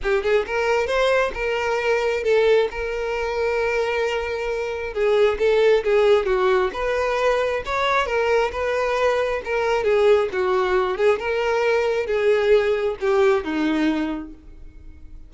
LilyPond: \new Staff \with { instrumentName = "violin" } { \time 4/4 \tempo 4 = 134 g'8 gis'8 ais'4 c''4 ais'4~ | ais'4 a'4 ais'2~ | ais'2. gis'4 | a'4 gis'4 fis'4 b'4~ |
b'4 cis''4 ais'4 b'4~ | b'4 ais'4 gis'4 fis'4~ | fis'8 gis'8 ais'2 gis'4~ | gis'4 g'4 dis'2 | }